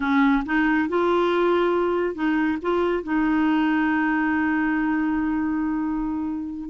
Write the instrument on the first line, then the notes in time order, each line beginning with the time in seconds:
clarinet
0.00 C#4
0.45 D#4
0.88 F4
2.14 D#4
2.62 F4
3.03 D#4